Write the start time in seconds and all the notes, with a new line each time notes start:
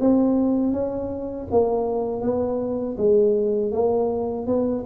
0.00 C4
0.73 C#4
1.51 A#3
2.21 B3
2.97 G#3
3.72 A#3
4.47 B3